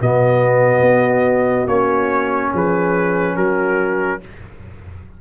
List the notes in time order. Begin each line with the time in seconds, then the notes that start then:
0.00 B2 B3 F#4 D#5
0.81 B3
1.67 A#3 C#4 C#5
2.53 F3 G#4 B4
3.34 F#3 F#4 A#4